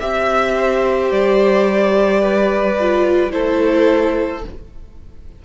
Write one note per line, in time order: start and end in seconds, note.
0.00 1.11 C4
0.00 2.78 G4
0.00 0.56 E5
0.00 1.12 E5
0.56 2.21 C5
1.11 3.33 G3
1.11 3.32 D5
2.21 3.32 B4
2.80 3.31 F4
3.31 4.44 A3
3.31 4.42 E4
3.31 4.45 A4
3.31 4.43 C5